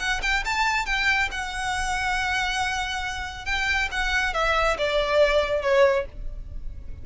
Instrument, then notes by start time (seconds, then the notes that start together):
violin
0.00 F#5
0.22 G5
0.45 A5
0.86 G5
1.32 F#5
3.46 G5
3.92 F#5
4.34 E5
4.78 D5
5.63 C#5